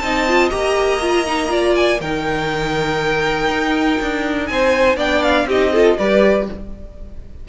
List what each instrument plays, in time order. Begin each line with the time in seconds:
0.00 cello C4, viola D#4, violin D#5 A5
0.29 viola F4
0.50 cello A#3, viola G4, violin A#5
1.02 viola F4
1.27 viola D#4
1.49 viola F4, violin D5
1.76 violin G#5
2.01 cello D#3, viola D#4, violin A#4 G5
3.48 cello D#4
4.02 cello D4
4.47 cello C4, violin C5 G#5
4.97 cello B3, viola D4, violin D5 G5
5.23 violin F5
5.46 cello C4, viola D#4, violin G4 D#5
5.73 viola F4, violin A4
5.99 cello G3, viola G4, violin B4 D5